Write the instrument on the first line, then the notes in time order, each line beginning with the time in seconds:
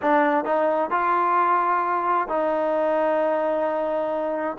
trombone
0.02 D4
0.45 D#4
0.90 F4
2.28 D#4